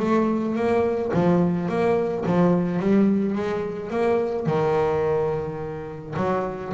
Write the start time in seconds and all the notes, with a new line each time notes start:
0.00 A3
0.56 A#3
1.14 F3
1.69 A#3
2.26 F3
2.80 G3
3.35 G#3
3.90 A#3
4.47 D#3
6.17 F#3